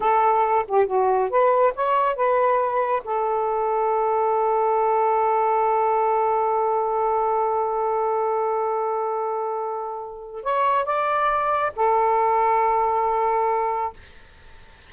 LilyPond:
\new Staff \with { instrumentName = "saxophone" } { \time 4/4 \tempo 4 = 138 a'4. g'8 fis'4 b'4 | cis''4 b'2 a'4~ | a'1~ | a'1~ |
a'1~ | a'1 | cis''4 d''2 a'4~ | a'1 | }